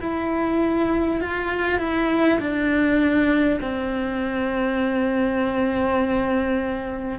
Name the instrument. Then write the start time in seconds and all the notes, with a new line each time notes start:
cello
0.00 E4
1.21 F4
1.78 E4
2.39 D4
3.61 C4